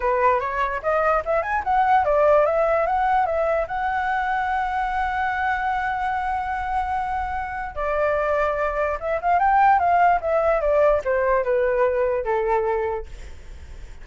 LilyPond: \new Staff \with { instrumentName = "flute" } { \time 4/4 \tempo 4 = 147 b'4 cis''4 dis''4 e''8 gis''8 | fis''4 d''4 e''4 fis''4 | e''4 fis''2.~ | fis''1~ |
fis''2. d''4~ | d''2 e''8 f''8 g''4 | f''4 e''4 d''4 c''4 | b'2 a'2 | }